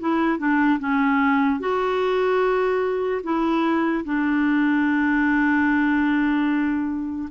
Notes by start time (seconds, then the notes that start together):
0.00 E4
0.39 D4
0.80 C#4
1.60 F#4
3.24 E4
4.05 D4